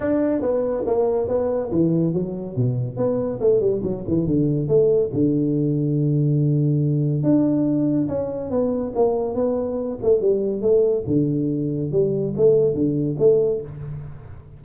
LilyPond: \new Staff \with { instrumentName = "tuba" } { \time 4/4 \tempo 4 = 141 d'4 b4 ais4 b4 | e4 fis4 b,4 b4 | a8 g8 fis8 e8 d4 a4 | d1~ |
d4 d'2 cis'4 | b4 ais4 b4. a8 | g4 a4 d2 | g4 a4 d4 a4 | }